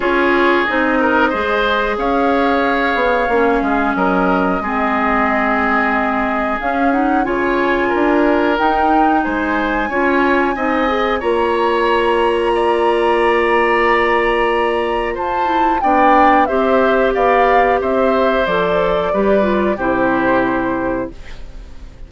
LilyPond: <<
  \new Staff \with { instrumentName = "flute" } { \time 4/4 \tempo 4 = 91 cis''4 dis''2 f''4~ | f''2 dis''2~ | dis''2 f''8 fis''8 gis''4~ | gis''4 g''4 gis''2~ |
gis''4 ais''2.~ | ais''2. a''4 | g''4 e''4 f''4 e''4 | d''2 c''2 | }
  \new Staff \with { instrumentName = "oboe" } { \time 4/4 gis'4. ais'8 c''4 cis''4~ | cis''4. gis'8 ais'4 gis'4~ | gis'2. cis''4 | ais'2 c''4 cis''4 |
dis''4 cis''2 d''4~ | d''2. c''4 | d''4 c''4 d''4 c''4~ | c''4 b'4 g'2 | }
  \new Staff \with { instrumentName = "clarinet" } { \time 4/4 f'4 dis'4 gis'2~ | gis'4 cis'2 c'4~ | c'2 cis'8 dis'8 f'4~ | f'4 dis'2 f'4 |
dis'8 gis'8 f'2.~ | f'2.~ f'8 e'8 | d'4 g'2. | a'4 g'8 f'8 e'2 | }
  \new Staff \with { instrumentName = "bassoon" } { \time 4/4 cis'4 c'4 gis4 cis'4~ | cis'8 b8 ais8 gis8 fis4 gis4~ | gis2 cis'4 cis4 | d'4 dis'4 gis4 cis'4 |
c'4 ais2.~ | ais2. f'4 | b4 c'4 b4 c'4 | f4 g4 c2 | }
>>